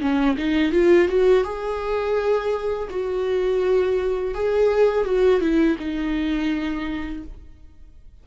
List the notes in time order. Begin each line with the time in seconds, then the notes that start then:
0.00 C#4
0.36 D#4
0.72 F4
1.08 F#4
1.44 G#4
2.89 F#4
4.34 G#4
5.04 F#4
5.41 E4
5.78 D#4